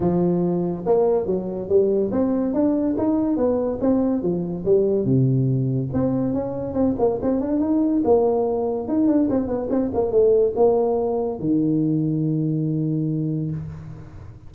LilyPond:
\new Staff \with { instrumentName = "tuba" } { \time 4/4 \tempo 4 = 142 f2 ais4 fis4 | g4 c'4 d'4 dis'4 | b4 c'4 f4 g4 | c2 c'4 cis'4 |
c'8 ais8 c'8 d'8 dis'4 ais4~ | ais4 dis'8 d'8 c'8 b8 c'8 ais8 | a4 ais2 dis4~ | dis1 | }